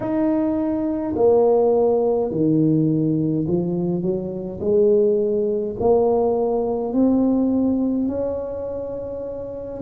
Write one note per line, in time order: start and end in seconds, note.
0.00 1.14 D#4
1.15 2.30 A#3
2.30 3.46 D#3
3.47 4.01 F3
4.01 4.59 F#3
4.60 5.75 G#3
5.80 6.93 A#3
6.93 8.08 C4
8.08 9.81 C#4